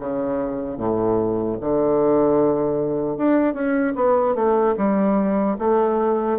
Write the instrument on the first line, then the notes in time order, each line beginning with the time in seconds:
bassoon
0.00 C#3
0.78 A2
1.61 D3
3.18 D4
3.54 C#4
3.96 B3
4.35 A3
4.77 G3
5.59 A3